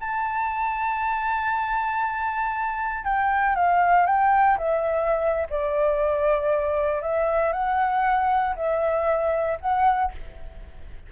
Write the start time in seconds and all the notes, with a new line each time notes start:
0.00 A5
3.04 G5
3.55 F5
4.06 G5
4.58 E5
5.50 D5
7.02 E5
7.52 F#5
8.56 E5
9.60 F#5